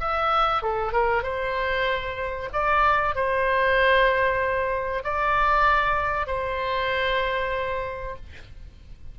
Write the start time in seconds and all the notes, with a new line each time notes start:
0.00 E5
0.62 A4
0.92 A#4
1.23 C5
2.53 D5
3.15 C5
5.04 D5
6.27 C5